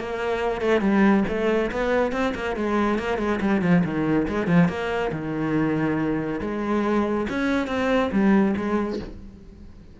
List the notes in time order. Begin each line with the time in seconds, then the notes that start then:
0.00 A#3
0.62 A3
0.81 G3
1.28 A3
1.72 B3
2.12 C4
2.35 A#3
2.56 G#3
2.99 A#3
3.19 G#3
3.41 G3
3.62 F3
3.85 D#3
4.28 G#3
4.47 F3
4.69 A#3
5.12 D#3
6.41 G#3
7.30 C#4
7.68 C4
8.12 G3
8.57 G#3